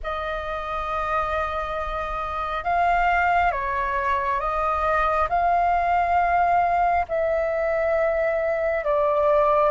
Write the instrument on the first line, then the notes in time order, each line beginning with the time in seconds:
flute
0.03 D#5
2.64 F5
3.51 C#5
4.40 D#5
5.29 F5
7.08 E5
8.84 D5